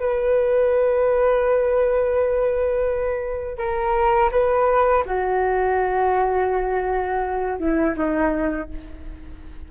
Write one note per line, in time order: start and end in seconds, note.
0.00 3.58 B4
3.58 4.31 A#4
4.32 5.04 B4
5.06 7.59 F#4
7.59 7.96 E4
7.97 8.69 D#4